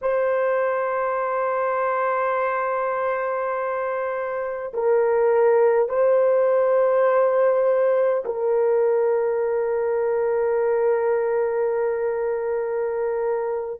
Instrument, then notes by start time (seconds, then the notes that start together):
horn
0.01 C5
4.73 A#4
5.88 C5
8.25 A#4